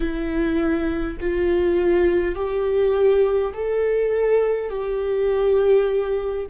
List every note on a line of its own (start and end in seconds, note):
0.00 1.17 E4
1.20 2.35 F4
2.35 3.52 G4
3.53 4.69 A4
4.69 6.45 G4